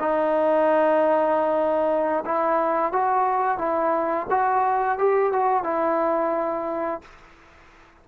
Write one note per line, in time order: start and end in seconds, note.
0.00 2.24 D#4
2.25 2.92 E4
2.92 3.58 F#4
3.58 4.27 E4
4.30 4.99 F#4
4.99 5.33 G4
5.33 5.64 F#4
5.64 7.02 E4